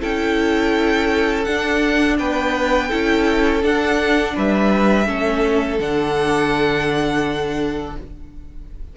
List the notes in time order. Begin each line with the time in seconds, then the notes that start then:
0.00 C#4 E4 A4 G5
1.44 D4 F#5
2.18 B3 B4 G5
2.88 C#4 E4 A4
3.62 D4 F#5
4.35 G3 B4 E5
5.06 A3 C#4 A4
5.79 D3 D4 F#5